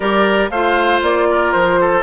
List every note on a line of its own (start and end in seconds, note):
0.00 0.50 G3
0.00 0.51 G4
0.00 0.50 A#4
0.00 0.49 D5
0.50 1.01 A3
0.50 2.03 F4
0.50 1.28 C5
0.50 1.01 F5
1.02 1.53 A#3
1.02 1.51 D5
1.29 1.80 A#4
1.51 2.03 F3
1.51 2.03 C5
1.80 2.03 A4